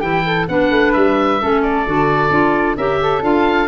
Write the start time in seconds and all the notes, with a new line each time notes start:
0.00 E3 E4 G4 G5
0.27 A4
0.49 B3 D4 B4 F#5
0.71 A3
0.93 G3 E5
1.41 A3 C#4 A4
1.63 D5
1.86 D3 F#4
2.30 D4 F4
2.77 C#4 G4 A#4 E5
3.02 A4
3.22 D4 F4 F5